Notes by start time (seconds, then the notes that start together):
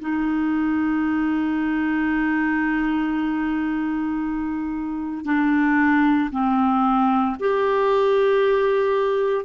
0.00 D#4
5.25 D4
6.31 C4
7.40 G4